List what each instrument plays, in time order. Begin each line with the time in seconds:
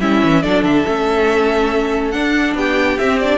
0.00 cello G3, viola C#4, violin E4 E5
0.24 cello E3
0.42 cello F#3, viola D4, violin A4 D5
0.63 cello D3, violin E5
0.86 cello A3, viola C#4
2.11 viola D4, cello D4, violin F#5
2.55 cello B3, violin G4 G5
2.98 cello C4, viola C4, violin E5
3.19 viola D4, violin D5